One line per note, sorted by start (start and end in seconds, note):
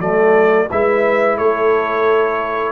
0.00 0.69 F#3
0.00 0.70 A3
0.00 0.68 A4
0.00 0.69 D5
0.71 1.39 G#3
0.71 2.72 E4
0.71 1.37 B4
0.71 1.38 E5
1.37 2.72 A3
1.37 2.72 A4
1.37 2.72 C#5